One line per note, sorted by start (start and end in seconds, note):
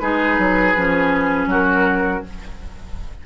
0.00 0.39 G#3
0.00 0.76 D#4
0.00 1.50 G#4
0.00 1.48 B4
0.39 0.76 F#3
0.76 1.47 F3
0.76 2.25 C#4
1.47 2.21 F#3
1.47 2.24 F#4
1.47 2.26 A#4